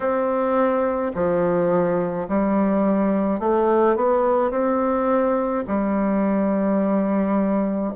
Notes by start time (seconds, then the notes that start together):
0.00 C4
1.14 F3
2.28 G3
3.40 A3
3.96 B3
4.50 C4
5.67 G3